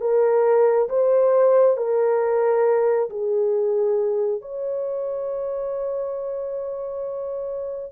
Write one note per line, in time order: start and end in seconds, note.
0.00 0.88 A#4
0.89 1.76 C5
1.76 3.09 A#4
3.10 4.41 G#4
4.41 7.92 C#5